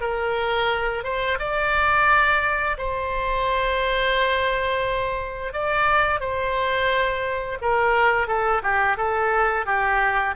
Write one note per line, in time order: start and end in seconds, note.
0.00 1.03 A#4
1.03 1.38 C5
1.39 2.76 D5
2.77 5.52 C5
5.52 6.20 D5
6.20 7.58 C5
7.61 8.27 A#4
8.27 8.61 A4
8.62 8.97 G4
8.97 9.66 A4
9.66 10.34 G4